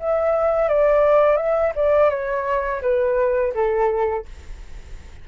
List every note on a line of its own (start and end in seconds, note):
0.00 0.69 E5
0.69 1.37 D5
1.37 1.73 E5
1.76 2.10 D5
2.10 2.82 C#5
2.82 3.54 B4
3.55 4.26 A4